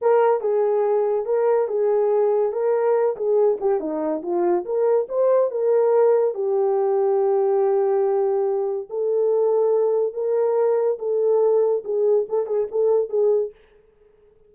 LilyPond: \new Staff \with { instrumentName = "horn" } { \time 4/4 \tempo 4 = 142 ais'4 gis'2 ais'4 | gis'2 ais'4. gis'8~ | gis'8 g'8 dis'4 f'4 ais'4 | c''4 ais'2 g'4~ |
g'1~ | g'4 a'2. | ais'2 a'2 | gis'4 a'8 gis'8 a'4 gis'4 | }